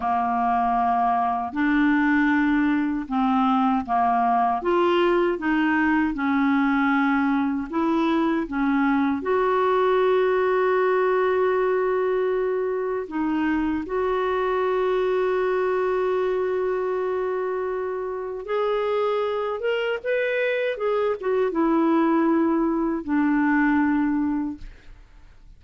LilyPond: \new Staff \with { instrumentName = "clarinet" } { \time 4/4 \tempo 4 = 78 ais2 d'2 | c'4 ais4 f'4 dis'4 | cis'2 e'4 cis'4 | fis'1~ |
fis'4 dis'4 fis'2~ | fis'1 | gis'4. ais'8 b'4 gis'8 fis'8 | e'2 d'2 | }